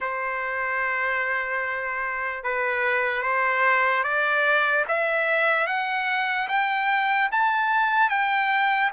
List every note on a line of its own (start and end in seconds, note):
0.00 2.43 C5
2.43 3.22 B4
3.22 4.03 C5
4.03 4.84 D5
4.88 5.66 E5
5.66 6.48 F#5
6.48 7.29 G5
7.31 8.09 A5
8.09 8.90 G5